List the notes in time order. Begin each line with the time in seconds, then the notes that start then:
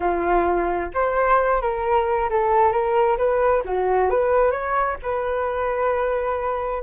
0.00 F4
0.94 C5
1.61 A#4
2.30 A4
2.71 A#4
3.17 B4
3.64 F#4
4.10 B4
4.51 C#5
5.02 B4